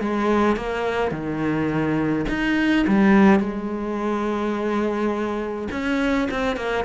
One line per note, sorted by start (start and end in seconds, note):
0.00 0.56 G#3
0.56 1.11 A#3
1.11 2.25 D#3
2.29 2.86 D#4
2.87 3.39 G3
3.39 5.68 G#3
5.71 6.28 C#4
6.31 6.56 C4
6.56 6.84 A#3